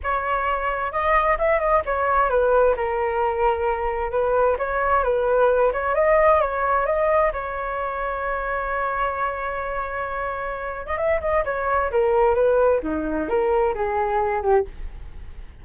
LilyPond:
\new Staff \with { instrumentName = "flute" } { \time 4/4 \tempo 4 = 131 cis''2 dis''4 e''8 dis''8 | cis''4 b'4 ais'2~ | ais'4 b'4 cis''4 b'4~ | b'8 cis''8 dis''4 cis''4 dis''4 |
cis''1~ | cis''2.~ cis''8. dis''16 | e''8 dis''8 cis''4 ais'4 b'4 | dis'4 ais'4 gis'4. g'8 | }